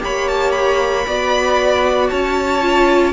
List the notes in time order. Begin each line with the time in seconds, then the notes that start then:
0.00 A#3 G4 C#5 B5
0.28 A5
0.52 B5
1.07 B3 F#4 D5
2.09 C#4 C#5 A5
2.61 F4